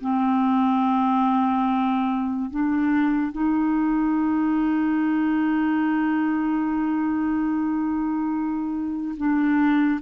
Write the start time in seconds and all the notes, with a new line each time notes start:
0.00 C4
2.50 D4
3.31 D#4
9.16 D4